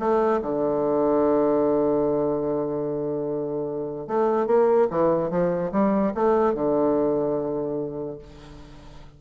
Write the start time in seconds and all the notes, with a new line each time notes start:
0.00 A3
0.42 D3
4.08 A3
4.47 A#3
4.91 E3
5.31 F3
5.72 G3
6.15 A3
6.55 D3